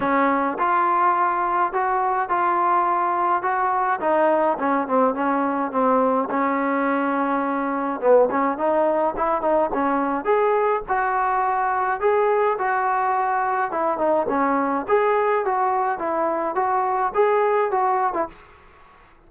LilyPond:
\new Staff \with { instrumentName = "trombone" } { \time 4/4 \tempo 4 = 105 cis'4 f'2 fis'4 | f'2 fis'4 dis'4 | cis'8 c'8 cis'4 c'4 cis'4~ | cis'2 b8 cis'8 dis'4 |
e'8 dis'8 cis'4 gis'4 fis'4~ | fis'4 gis'4 fis'2 | e'8 dis'8 cis'4 gis'4 fis'4 | e'4 fis'4 gis'4 fis'8. e'16 | }